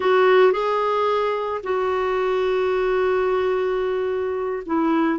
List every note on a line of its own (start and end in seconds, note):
0.00 0.52 F#4
0.52 1.61 G#4
1.63 4.63 F#4
4.65 5.19 E4